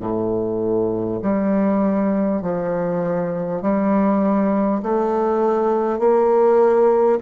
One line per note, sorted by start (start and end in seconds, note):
0.00 1.20 A2
1.22 2.42 G3
2.42 3.62 F3
3.62 4.82 G3
4.83 5.99 A3
5.99 7.19 A#3